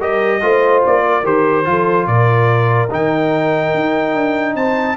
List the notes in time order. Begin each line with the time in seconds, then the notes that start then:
0.00 G3 G4 A#4 D#5
0.41 A3 F4 C5
0.86 A#3 D5
1.06 A#4
1.23 D#3 G4 C5
1.64 F3 F4 A4
2.06 A#2 A#4 D5
2.90 D#3 D#4 G5
3.74 D#4
4.14 D4
4.55 C4 C5 A5